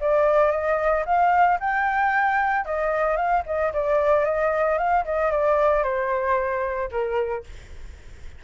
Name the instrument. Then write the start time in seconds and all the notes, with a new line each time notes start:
flute
0.00 D5
0.51 D#5
1.05 F5
1.60 G5
2.65 D#5
3.16 F5
3.46 D#5
3.73 D5
4.25 D#5
4.78 F5
5.04 D#5
5.31 D5
5.83 C5
6.91 A#4